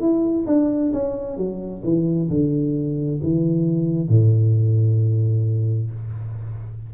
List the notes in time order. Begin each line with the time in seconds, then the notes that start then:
0.00 E4
0.47 D4
0.93 C#4
1.37 F#3
1.84 E3
2.30 D3
3.23 E3
4.09 A2